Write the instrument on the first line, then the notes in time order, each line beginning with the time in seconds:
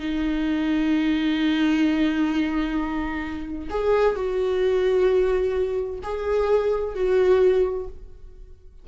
viola
0.00 D#4
3.70 G#4
4.16 F#4
6.03 G#4
6.95 F#4